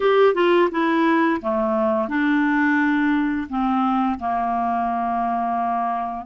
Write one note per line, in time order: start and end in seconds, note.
0.00 0.34 G4
0.34 0.69 F4
0.71 1.40 E4
1.41 2.08 A3
2.08 3.47 D4
3.49 4.19 C4
4.19 6.25 A#3